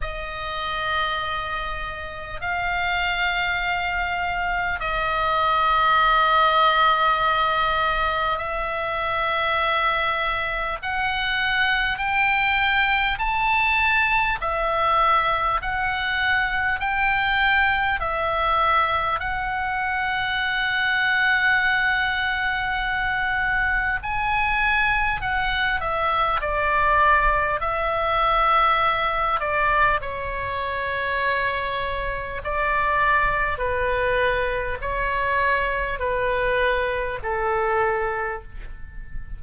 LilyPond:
\new Staff \with { instrumentName = "oboe" } { \time 4/4 \tempo 4 = 50 dis''2 f''2 | dis''2. e''4~ | e''4 fis''4 g''4 a''4 | e''4 fis''4 g''4 e''4 |
fis''1 | gis''4 fis''8 e''8 d''4 e''4~ | e''8 d''8 cis''2 d''4 | b'4 cis''4 b'4 a'4 | }